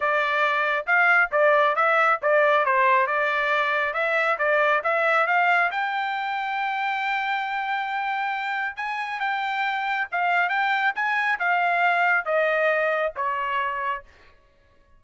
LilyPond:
\new Staff \with { instrumentName = "trumpet" } { \time 4/4 \tempo 4 = 137 d''2 f''4 d''4 | e''4 d''4 c''4 d''4~ | d''4 e''4 d''4 e''4 | f''4 g''2.~ |
g''1 | gis''4 g''2 f''4 | g''4 gis''4 f''2 | dis''2 cis''2 | }